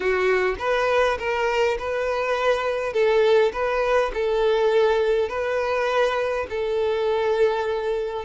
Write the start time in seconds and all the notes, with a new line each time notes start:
0.00 F#4
0.59 B4
1.18 A#4
1.78 B4
2.93 A4
3.53 B4
4.13 A4
5.28 B4
6.49 A4